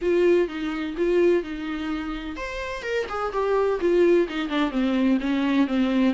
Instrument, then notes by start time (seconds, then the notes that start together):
viola
0.01 F4
0.47 D#4
0.97 F4
1.43 D#4
2.36 C5
2.82 A#4
3.08 G#4
3.32 G4
3.80 F4
4.28 D#4
4.48 D4
4.71 C4
5.20 C#4
5.67 C4